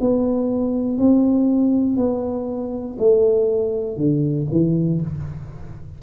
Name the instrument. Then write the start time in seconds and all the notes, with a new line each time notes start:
tuba
0.00 B3
0.98 C4
1.96 B3
2.98 A3
3.97 D3
4.51 E3